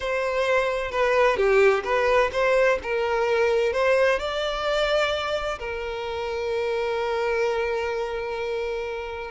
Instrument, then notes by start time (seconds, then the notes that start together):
violin
0.00 C5
0.91 B4
1.36 G4
1.84 B4
2.32 C5
2.82 A#4
3.72 C5
4.19 D5
5.59 A#4